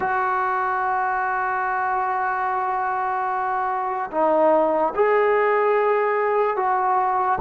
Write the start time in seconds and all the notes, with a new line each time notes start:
0.00 F#4
4.11 D#4
4.95 G#4
6.56 F#4